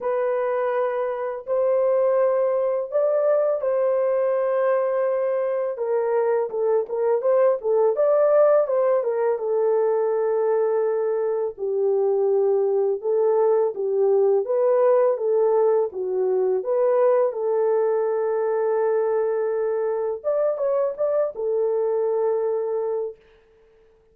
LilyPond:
\new Staff \with { instrumentName = "horn" } { \time 4/4 \tempo 4 = 83 b'2 c''2 | d''4 c''2. | ais'4 a'8 ais'8 c''8 a'8 d''4 | c''8 ais'8 a'2. |
g'2 a'4 g'4 | b'4 a'4 fis'4 b'4 | a'1 | d''8 cis''8 d''8 a'2~ a'8 | }